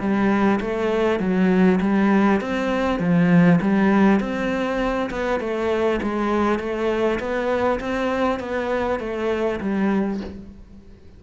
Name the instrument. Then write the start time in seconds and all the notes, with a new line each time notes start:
cello
0.00 G3
0.61 A3
1.19 F#3
1.81 G3
2.41 C4
3.00 F3
3.61 G3
4.20 C4
5.11 B3
5.40 A3
6.03 G#3
6.59 A3
7.20 B3
7.80 C4
8.39 B3
9.00 A3
9.61 G3